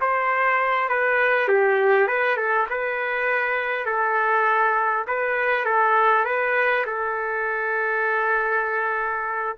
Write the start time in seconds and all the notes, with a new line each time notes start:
0.00 C5
0.88 B4
1.48 G4
2.07 B4
2.36 A4
2.69 B4
3.85 A4
5.07 B4
5.65 A4
6.25 B4
6.86 A4